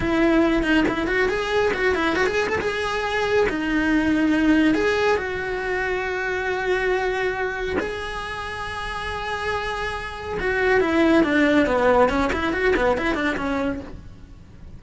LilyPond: \new Staff \with { instrumentName = "cello" } { \time 4/4 \tempo 4 = 139 e'4. dis'8 e'8 fis'8 gis'4 | fis'8 e'8 fis'16 gis'8 a'16 gis'2 | dis'2. gis'4 | fis'1~ |
fis'2 gis'2~ | gis'1 | fis'4 e'4 d'4 b4 | cis'8 e'8 fis'8 b8 e'8 d'8 cis'4 | }